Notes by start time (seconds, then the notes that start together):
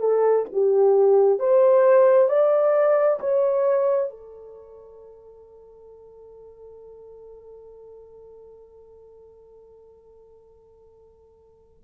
0.00 A4
0.52 G4
1.40 C5
2.29 D5
3.20 C#5
4.10 A4